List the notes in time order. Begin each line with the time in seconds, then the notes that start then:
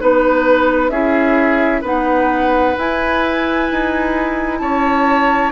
0.00 B3 D#4 B4
0.90 C#4 E4 G#4 E5
1.82 B3 D#4 B4 F#5
2.78 E4 G#5
3.71 D#4
4.59 C#4 C#5 A5